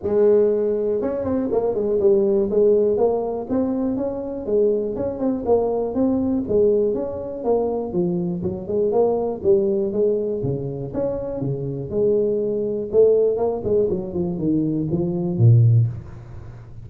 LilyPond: \new Staff \with { instrumentName = "tuba" } { \time 4/4 \tempo 4 = 121 gis2 cis'8 c'8 ais8 gis8 | g4 gis4 ais4 c'4 | cis'4 gis4 cis'8 c'8 ais4 | c'4 gis4 cis'4 ais4 |
f4 fis8 gis8 ais4 g4 | gis4 cis4 cis'4 cis4 | gis2 a4 ais8 gis8 | fis8 f8 dis4 f4 ais,4 | }